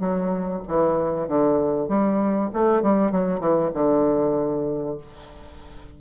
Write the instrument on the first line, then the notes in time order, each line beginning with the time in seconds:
bassoon
0.00 F#3
0.68 E3
1.28 D3
1.89 G3
2.54 A3
2.83 G3
3.12 F#3
3.40 E3
3.74 D3